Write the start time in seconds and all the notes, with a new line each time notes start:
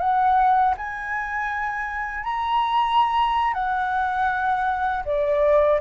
0.00 F#5
0.78 G#5
2.25 A#5
3.54 F#5
5.06 D5